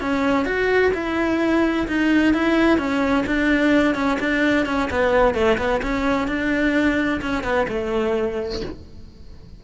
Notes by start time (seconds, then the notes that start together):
0.00 C#4
0.45 F#4
0.94 E4
1.87 D#4
2.33 E4
2.78 C#4
3.26 D4
3.95 C#4
4.19 D4
4.66 C#4
4.90 B3
5.34 A3
5.58 B3
5.82 C#4
6.27 D4
7.21 C#4
7.43 B3
7.68 A3